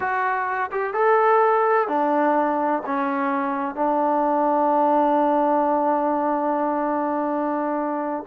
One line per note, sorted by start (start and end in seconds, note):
0.00 0.70 F#4
0.71 0.93 G4
0.93 1.88 A4
1.88 2.82 D4
2.85 3.75 C#4
3.75 8.24 D4